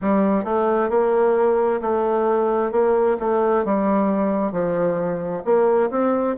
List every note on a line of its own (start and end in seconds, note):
0.01 0.44 G3
0.44 0.89 A3
0.89 1.80 A#3
1.81 2.71 A3
2.71 3.17 A#3
3.19 3.64 A3
3.64 4.52 G3
4.52 5.43 F3
5.44 5.90 A#3
5.90 6.36 C4